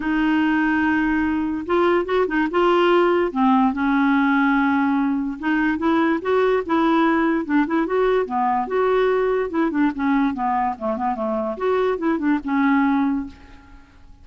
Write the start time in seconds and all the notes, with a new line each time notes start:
0.00 D#4
1.66 F4
2.05 F#4
2.27 D#4
2.51 F4
3.31 C4
3.73 C#4
5.39 D#4
5.78 E4
6.21 F#4
6.65 E4
7.45 D4
7.66 E4
7.86 F#4
8.25 B3
8.67 F#4
9.50 E4
9.70 D4
9.95 C#4
10.34 B3
10.78 A3
10.97 B3
11.15 A3
11.57 F#4
11.97 E4
12.18 D4
12.44 C#4